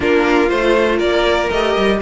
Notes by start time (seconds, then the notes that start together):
0.00 A#3 D4 F4 A#4
0.49 A3 F4 C5
0.97 A#3 A#4 D5
1.50 A3 G4 D#5
1.76 G3